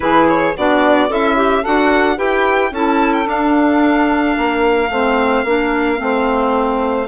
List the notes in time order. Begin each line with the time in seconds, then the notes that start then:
0.00 E3 E4 G#4 B4
0.28 C#5
0.55 B3 D4 F#4 D5
1.08 C#4 E4 A4 E5
1.36 G4
1.61 D4 F#4 A4 F#5
2.16 E4 G4 B4 G5
2.71 C#4 E4 A4 A5
3.13 G5
3.24 D4 F5
4.36 A#3 A#4
4.89 A3 C4 C5
5.44 A#3 D4 A#4
5.97 A3 C4 C5